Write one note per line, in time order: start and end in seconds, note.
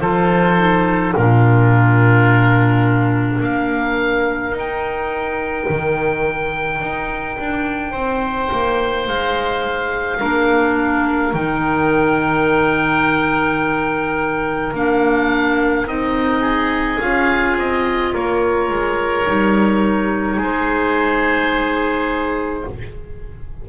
0.00 1.14 F3
0.00 0.57 F4
0.00 1.14 A4
0.00 1.13 C5
0.57 1.14 D#4
1.16 3.40 A#2
1.16 4.52 D4
1.16 3.41 F4
1.16 3.42 A#4
3.40 4.52 A#3
3.40 7.91 A#4
3.40 4.56 F5
4.52 5.65 D#4
4.52 10.18 D#4
4.58 9.08 G5
5.69 6.80 D#3
6.80 7.37 D#4
7.39 7.93 D4
7.91 8.50 C4
7.91 10.17 C5
8.51 9.08 A#3
9.08 10.21 G#3
9.08 11.34 F5
10.19 11.33 A#3
10.19 11.33 D4
10.19 16.40 A#4
11.33 14.73 D#3
11.33 14.73 D#4
11.33 14.74 G5
14.73 15.85 A#3
14.73 15.86 D4
14.73 15.87 F5
15.85 16.98 C4
15.85 17.00 D#4
15.85 17.00 D#5
16.40 18.10 G#4
17.00 17.57 C#4
17.00 19.25 F4
17.00 17.56 F5
17.57 18.13 C4
17.57 18.14 D#5
18.13 18.70 A#3
18.13 20.37 A#4
18.13 20.40 C#5
18.70 19.26 G#3
19.25 20.37 G3
19.25 22.65 D#4
20.37 22.64 G#3
20.37 22.63 G#4
20.37 22.69 C5